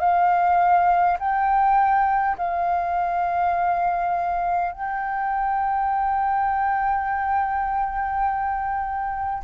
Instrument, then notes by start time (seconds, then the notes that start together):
flute
0.00 F5
1.20 G5
2.38 F5
4.73 G5